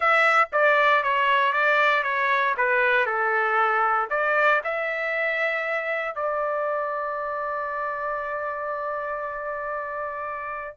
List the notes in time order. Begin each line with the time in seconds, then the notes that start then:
0.00 E5
0.52 D5
1.03 C#5
1.52 D5
2.03 C#5
2.57 B4
3.06 A4
4.10 D5
4.63 E5
6.15 D5